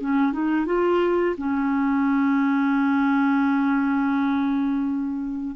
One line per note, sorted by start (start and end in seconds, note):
0.00 0.32 C#4
0.32 0.66 D#4
0.66 1.35 F4
1.37 5.55 C#4